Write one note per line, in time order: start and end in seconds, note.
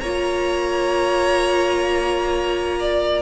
0.00 3.22 A#3
0.00 3.22 F4
0.00 2.79 C#5
0.00 3.22 A#5
2.79 3.22 D5